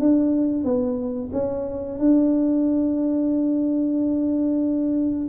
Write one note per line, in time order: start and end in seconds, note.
0.00 0.65 D4
0.65 1.31 B3
1.33 1.99 C#4
1.99 5.28 D4